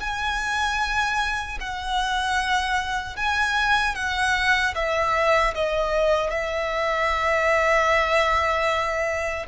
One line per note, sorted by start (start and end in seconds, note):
0.00 1.58 G#5
1.60 3.16 F#5
3.16 3.95 G#5
3.95 4.74 F#5
4.75 5.54 E5
5.54 6.30 D#5
6.30 9.46 E5